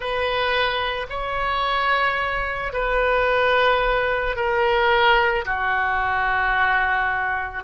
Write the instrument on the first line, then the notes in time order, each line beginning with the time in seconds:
oboe
0.00 B4
1.09 C#5
2.73 B4
4.35 A#4
5.45 F#4